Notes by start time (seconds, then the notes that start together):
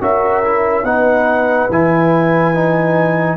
0.00 C#4 F#4 A#4 E5
0.43 E4
0.83 B3 D#4 B4 F#5
1.69 E3 E4 G#5
2.54 D#4